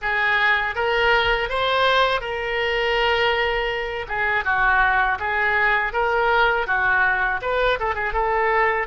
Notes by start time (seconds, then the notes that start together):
0.01 G#4
0.75 A#4
1.49 C5
2.21 A#4
4.07 G#4
4.44 F#4
5.19 G#4
5.93 A#4
6.66 F#4
7.41 B4
7.79 A4
7.94 G#4
8.13 A4